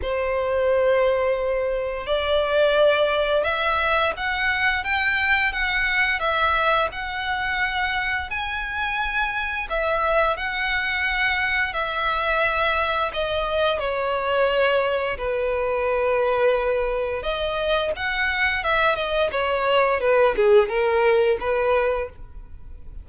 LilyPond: \new Staff \with { instrumentName = "violin" } { \time 4/4 \tempo 4 = 87 c''2. d''4~ | d''4 e''4 fis''4 g''4 | fis''4 e''4 fis''2 | gis''2 e''4 fis''4~ |
fis''4 e''2 dis''4 | cis''2 b'2~ | b'4 dis''4 fis''4 e''8 dis''8 | cis''4 b'8 gis'8 ais'4 b'4 | }